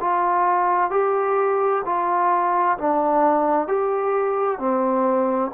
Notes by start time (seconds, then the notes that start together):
0.00 F4
0.90 G4
1.85 F4
2.78 D4
3.68 G4
4.58 C4